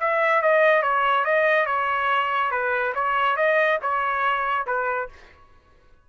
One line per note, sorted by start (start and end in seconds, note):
0.00 0.42 E5
0.42 0.83 D#5
0.83 1.25 C#5
1.25 1.66 D#5
1.66 2.51 C#5
2.51 2.94 B4
2.95 3.37 C#5
3.37 3.79 D#5
3.82 4.66 C#5
4.66 5.09 B4